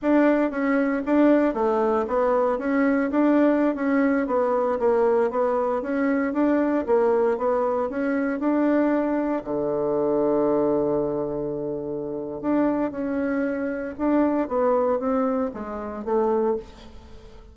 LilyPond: \new Staff \with { instrumentName = "bassoon" } { \time 4/4 \tempo 4 = 116 d'4 cis'4 d'4 a4 | b4 cis'4 d'4~ d'16 cis'8.~ | cis'16 b4 ais4 b4 cis'8.~ | cis'16 d'4 ais4 b4 cis'8.~ |
cis'16 d'2 d4.~ d16~ | d1 | d'4 cis'2 d'4 | b4 c'4 gis4 a4 | }